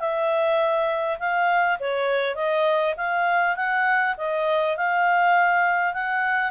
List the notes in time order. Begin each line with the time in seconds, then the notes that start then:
0.00 E5
1.19 F5
1.80 C#5
2.36 D#5
2.97 F5
3.56 F#5
4.18 D#5
4.77 F5
5.94 F#5